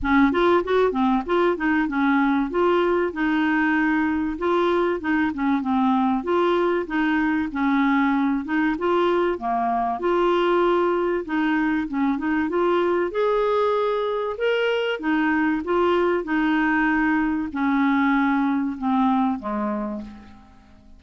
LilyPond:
\new Staff \with { instrumentName = "clarinet" } { \time 4/4 \tempo 4 = 96 cis'8 f'8 fis'8 c'8 f'8 dis'8 cis'4 | f'4 dis'2 f'4 | dis'8 cis'8 c'4 f'4 dis'4 | cis'4. dis'8 f'4 ais4 |
f'2 dis'4 cis'8 dis'8 | f'4 gis'2 ais'4 | dis'4 f'4 dis'2 | cis'2 c'4 gis4 | }